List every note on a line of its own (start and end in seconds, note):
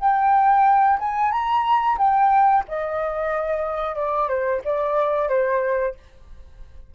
0.00 0.99 G5
1.00 1.32 G#5
1.32 1.98 A#5
1.98 2.64 G5
2.68 3.96 D#5
3.96 4.29 D5
4.29 4.62 C5
4.64 5.29 D5
5.29 5.95 C5